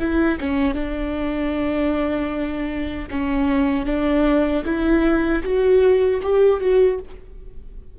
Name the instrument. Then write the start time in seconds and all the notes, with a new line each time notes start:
viola
0.00 E4
0.40 C#4
0.75 D4
3.11 C#4
3.86 D4
4.65 E4
5.43 F#4
6.23 G4
6.60 F#4